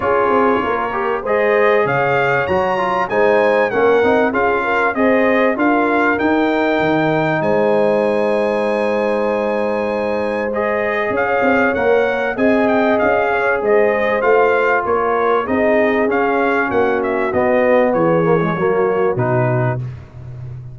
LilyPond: <<
  \new Staff \with { instrumentName = "trumpet" } { \time 4/4 \tempo 4 = 97 cis''2 dis''4 f''4 | ais''4 gis''4 fis''4 f''4 | dis''4 f''4 g''2 | gis''1~ |
gis''4 dis''4 f''4 fis''4 | gis''8 g''8 f''4 dis''4 f''4 | cis''4 dis''4 f''4 fis''8 e''8 | dis''4 cis''2 b'4 | }
  \new Staff \with { instrumentName = "horn" } { \time 4/4 gis'4 ais'4 c''4 cis''4~ | cis''4 c''4 ais'4 gis'8 ais'8 | c''4 ais'2. | c''1~ |
c''2 cis''2 | dis''4. cis''8 c''2 | ais'4 gis'2 fis'4~ | fis'4 gis'4 fis'2 | }
  \new Staff \with { instrumentName = "trombone" } { \time 4/4 f'4. g'8 gis'2 | fis'8 f'8 dis'4 cis'8 dis'8 f'4 | gis'4 f'4 dis'2~ | dis'1~ |
dis'4 gis'2 ais'4 | gis'2. f'4~ | f'4 dis'4 cis'2 | b4. ais16 gis16 ais4 dis'4 | }
  \new Staff \with { instrumentName = "tuba" } { \time 4/4 cis'8 c'8 ais4 gis4 cis4 | fis4 gis4 ais8 c'8 cis'4 | c'4 d'4 dis'4 dis4 | gis1~ |
gis2 cis'8 c'8 ais4 | c'4 cis'4 gis4 a4 | ais4 c'4 cis'4 ais4 | b4 e4 fis4 b,4 | }
>>